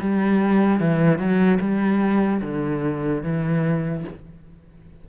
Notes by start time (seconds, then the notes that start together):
0.00 G3
0.80 E3
1.18 F#3
1.60 G3
2.41 D3
3.22 E3